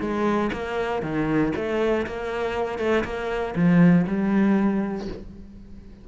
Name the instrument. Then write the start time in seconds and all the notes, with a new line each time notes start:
cello
0.00 G#3
0.52 A#3
1.02 D#3
1.56 A3
2.06 A#3
2.78 A3
3.04 A#3
3.55 F3
4.07 G3